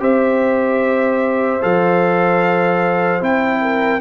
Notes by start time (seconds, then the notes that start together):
0.00 C4 G4 C5 E5
1.62 F3 A4 F5
3.21 C4 E4 G5
3.62 A#4